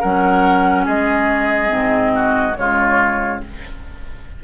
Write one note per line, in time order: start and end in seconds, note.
0.00 0.87 F#3
0.00 1.68 C#4
0.00 0.85 A#4
0.00 0.85 F#5
0.85 1.71 G#3
0.85 2.12 G#4
0.85 2.56 D#5
1.68 2.55 G#2
1.68 2.52 C4
2.15 2.57 F#4
2.54 3.43 C#3
2.54 3.39 G#3
2.54 3.44 F4
2.54 3.41 C#5